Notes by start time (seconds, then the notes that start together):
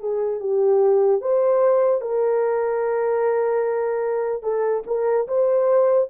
0.00 G#4
0.40 G4
1.21 C5
2.01 A#4
4.43 A4
4.87 A#4
5.28 C5